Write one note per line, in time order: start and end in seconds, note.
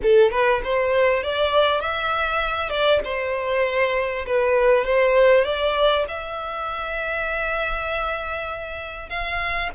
0.02 0.31 A4
0.31 0.61 B4
0.64 1.23 C5
1.23 1.80 D5
1.80 2.69 E5
2.69 2.99 D5
3.04 4.25 C5
4.26 4.85 B4
4.85 5.44 C5
5.44 6.05 D5
6.07 9.09 E5
9.09 9.70 F5